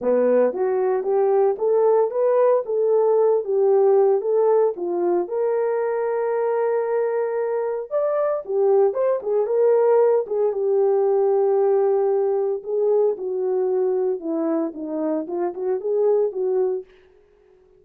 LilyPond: \new Staff \with { instrumentName = "horn" } { \time 4/4 \tempo 4 = 114 b4 fis'4 g'4 a'4 | b'4 a'4. g'4. | a'4 f'4 ais'2~ | ais'2. d''4 |
g'4 c''8 gis'8 ais'4. gis'8 | g'1 | gis'4 fis'2 e'4 | dis'4 f'8 fis'8 gis'4 fis'4 | }